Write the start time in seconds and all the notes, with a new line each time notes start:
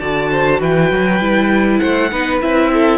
0.00 D3 F#4 D5 A5
0.31 C5
0.60 E3 B4 G5
0.91 F#3
1.20 G3 E4
1.79 A3 C5 F#5
2.11 B3 D#4 B4
2.41 C4 E4 E5
2.73 A4